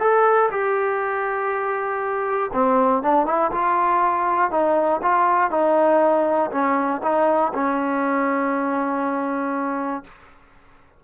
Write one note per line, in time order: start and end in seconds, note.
0.00 0.50 A4
0.51 2.51 G4
2.53 3.03 C4
3.03 3.26 D4
3.26 3.51 E4
3.51 4.51 F4
4.51 5.01 D#4
5.02 5.51 F4
5.51 6.51 D#4
6.51 7.01 C#4
7.03 7.53 D#4
7.54 10.04 C#4